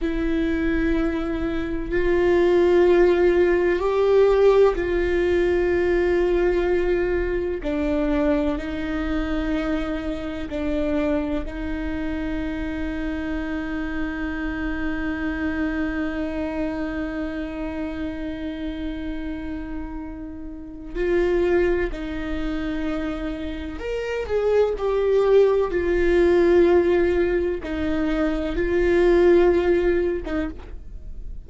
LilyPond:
\new Staff \with { instrumentName = "viola" } { \time 4/4 \tempo 4 = 63 e'2 f'2 | g'4 f'2. | d'4 dis'2 d'4 | dis'1~ |
dis'1~ | dis'2 f'4 dis'4~ | dis'4 ais'8 gis'8 g'4 f'4~ | f'4 dis'4 f'4.~ f'16 dis'16 | }